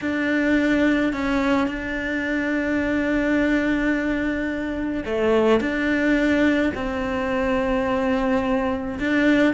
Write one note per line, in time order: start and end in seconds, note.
0.01 1.12 D4
1.12 1.67 C#4
1.67 5.03 D4
5.05 5.60 A3
5.60 6.72 D4
6.74 8.98 C4
8.99 9.53 D4